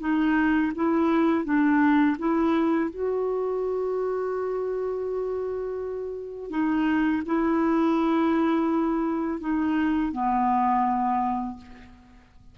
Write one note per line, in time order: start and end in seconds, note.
0.00 0.72 D#4
0.75 1.45 E4
1.45 2.17 D4
2.19 2.90 E4
2.90 6.50 F#4
6.50 7.23 D#4
7.26 9.40 E4
9.40 10.12 D#4
10.12 11.57 B3